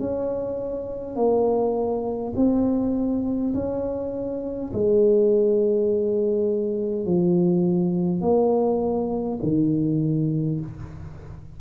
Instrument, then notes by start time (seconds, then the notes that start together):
tuba
0.00 C#4
1.16 A#3
2.36 C4
3.54 C#4
4.73 G#3
7.06 F3
8.21 A#3
9.43 D#3